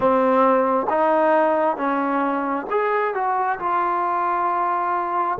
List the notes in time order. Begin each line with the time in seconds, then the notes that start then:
0.00 C4
0.89 D#4
1.76 C#4
2.70 G#4
3.14 F#4
3.59 F4